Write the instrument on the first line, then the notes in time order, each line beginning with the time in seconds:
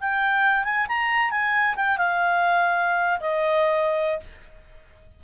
clarinet
0.00 G5
0.64 G#5
0.88 A#5
1.30 G#5
1.76 G5
1.97 F5
3.20 D#5